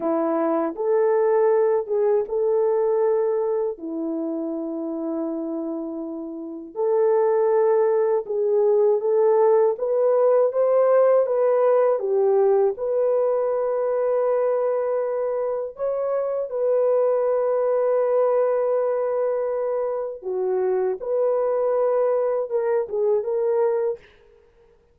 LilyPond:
\new Staff \with { instrumentName = "horn" } { \time 4/4 \tempo 4 = 80 e'4 a'4. gis'8 a'4~ | a'4 e'2.~ | e'4 a'2 gis'4 | a'4 b'4 c''4 b'4 |
g'4 b'2.~ | b'4 cis''4 b'2~ | b'2. fis'4 | b'2 ais'8 gis'8 ais'4 | }